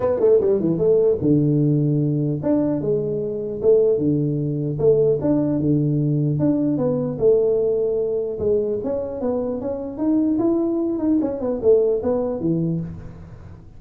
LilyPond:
\new Staff \with { instrumentName = "tuba" } { \time 4/4 \tempo 4 = 150 b8 a8 g8 e8 a4 d4~ | d2 d'4 gis4~ | gis4 a4 d2 | a4 d'4 d2 |
d'4 b4 a2~ | a4 gis4 cis'4 b4 | cis'4 dis'4 e'4. dis'8 | cis'8 b8 a4 b4 e4 | }